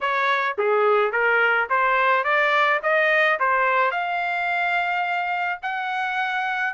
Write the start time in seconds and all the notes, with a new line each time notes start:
0.00 C#5
0.58 G#4
1.12 A#4
1.69 C5
2.24 D5
2.82 D#5
3.39 C5
3.91 F5
5.62 F#5